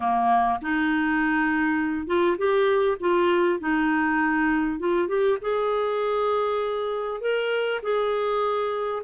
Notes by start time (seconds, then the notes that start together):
0.00 A#3
0.61 D#4
2.06 F4
2.37 G4
3.00 F4
3.59 D#4
4.79 F4
5.08 G4
5.41 G#4
7.20 A#4
7.82 G#4